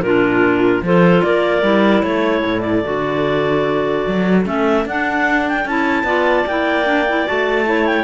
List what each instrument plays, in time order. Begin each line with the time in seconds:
0.00 cello A#2, clarinet D4 F4 A#4
0.81 cello F3, clarinet F4 A4 C5
1.22 cello A#3, clarinet A#4 D5
1.62 cello G3, clarinet E4
2.02 cello A3, clarinet A4 C#5
2.45 cello A2
2.60 clarinet D5
2.84 cello D3, clarinet F#4
4.07 cello F#3
4.44 cello A3, clarinet C#4 E5
4.85 cello D4, clarinet D4 F#5
5.48 clarinet G5
5.65 cello C#4, clarinet E4 A5
6.03 cello B3, clarinet F4 D5
6.46 cello A#3, clarinet E4 G5
6.84 clarinet D4
7.08 clarinet E4
7.26 cello A3, clarinet F#4 A5
7.64 clarinet E4 C#5
7.86 clarinet G5